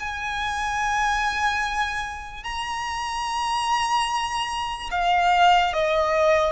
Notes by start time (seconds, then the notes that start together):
0.00 G#5
2.44 A#5
4.91 F5
5.73 D#5